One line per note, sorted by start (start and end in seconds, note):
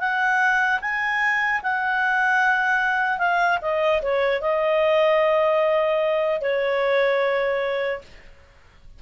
0.00 0.80 F#5
0.81 1.61 G#5
1.63 3.19 F#5
3.19 3.59 F5
3.62 4.02 D#5
4.03 4.41 C#5
4.41 6.41 D#5
6.42 8.02 C#5